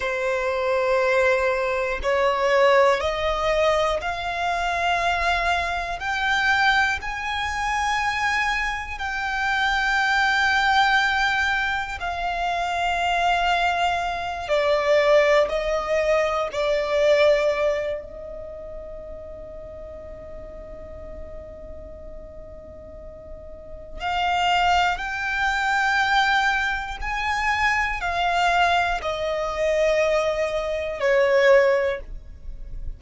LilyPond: \new Staff \with { instrumentName = "violin" } { \time 4/4 \tempo 4 = 60 c''2 cis''4 dis''4 | f''2 g''4 gis''4~ | gis''4 g''2. | f''2~ f''8 d''4 dis''8~ |
dis''8 d''4. dis''2~ | dis''1 | f''4 g''2 gis''4 | f''4 dis''2 cis''4 | }